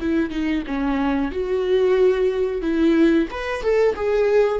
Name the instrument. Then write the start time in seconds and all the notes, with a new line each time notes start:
viola
0.00 E4
0.30 D#4
0.67 C#4
1.31 F#4
2.62 E4
3.31 B4
3.62 A4
3.95 G#4